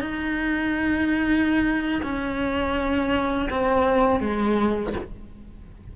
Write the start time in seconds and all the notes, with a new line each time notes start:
0.00 D#4
2.03 C#4
3.50 C4
4.20 G#3